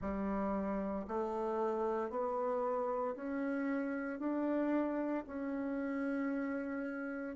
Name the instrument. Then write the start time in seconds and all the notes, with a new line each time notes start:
bassoon
0.01 G3
1.07 A3
2.10 B3
3.15 C#4
4.19 D4
5.26 C#4